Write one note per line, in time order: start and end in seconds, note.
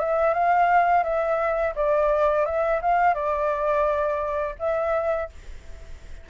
0.00 0.34 E5
0.34 1.04 F5
1.04 1.75 E5
1.76 2.46 D5
2.46 2.81 E5
2.82 3.15 F5
3.15 4.56 D5
4.59 5.30 E5